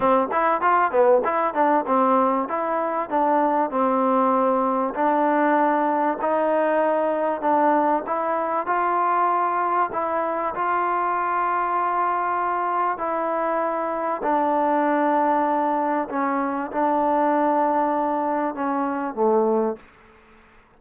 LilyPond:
\new Staff \with { instrumentName = "trombone" } { \time 4/4 \tempo 4 = 97 c'8 e'8 f'8 b8 e'8 d'8 c'4 | e'4 d'4 c'2 | d'2 dis'2 | d'4 e'4 f'2 |
e'4 f'2.~ | f'4 e'2 d'4~ | d'2 cis'4 d'4~ | d'2 cis'4 a4 | }